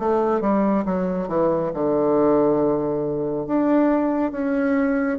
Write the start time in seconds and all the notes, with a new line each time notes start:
0.00 A3
0.42 G3
0.86 F#3
1.28 E3
1.74 D3
3.47 D4
4.32 C#4